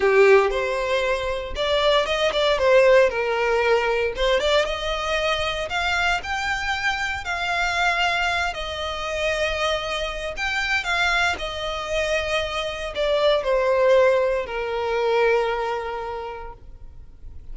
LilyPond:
\new Staff \with { instrumentName = "violin" } { \time 4/4 \tempo 4 = 116 g'4 c''2 d''4 | dis''8 d''8 c''4 ais'2 | c''8 d''8 dis''2 f''4 | g''2 f''2~ |
f''8 dis''2.~ dis''8 | g''4 f''4 dis''2~ | dis''4 d''4 c''2 | ais'1 | }